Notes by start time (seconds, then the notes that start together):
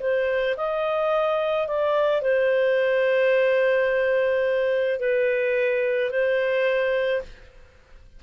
0.00 C5
0.57 D#5
1.68 D5
2.22 C5
5.00 B4
6.11 C5